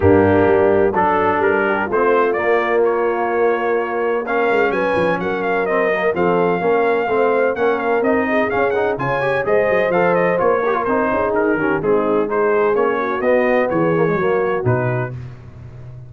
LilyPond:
<<
  \new Staff \with { instrumentName = "trumpet" } { \time 4/4 \tempo 4 = 127 g'2 a'4 ais'4 | c''4 d''4 cis''2~ | cis''4 f''4 gis''4 fis''8 f''8 | dis''4 f''2. |
fis''8 f''8 dis''4 f''8 fis''8 gis''4 | dis''4 f''8 dis''8 cis''4 c''4 | ais'4 gis'4 c''4 cis''4 | dis''4 cis''2 b'4 | }
  \new Staff \with { instrumentName = "horn" } { \time 4/4 d'2 a'4. g'8 | f'1~ | f'4 ais'4 b'4 ais'4~ | ais'4 a'4 ais'4 c''4 |
ais'4. gis'4. cis''4 | c''2~ c''8 ais'4 gis'8~ | gis'8 g'8 dis'4 gis'4. fis'8~ | fis'4 gis'4 fis'2 | }
  \new Staff \with { instrumentName = "trombone" } { \time 4/4 ais2 d'2 | c'4 ais2.~ | ais4 cis'2. | c'8 ais8 c'4 cis'4 c'4 |
cis'4 dis'4 cis'8 dis'8 f'8 g'8 | gis'4 a'4 f'8 g'16 f'16 dis'4~ | dis'8 cis'8 c'4 dis'4 cis'4 | b4. ais16 gis16 ais4 dis'4 | }
  \new Staff \with { instrumentName = "tuba" } { \time 4/4 g,4 g4 fis4 g4 | a4 ais2.~ | ais4. gis8 fis8 f8 fis4~ | fis4 f4 ais4 a4 |
ais4 c'4 cis'4 cis4 | gis8 fis8 f4 ais4 c'8 cis'8 | dis'8 dis8 gis2 ais4 | b4 e4 fis4 b,4 | }
>>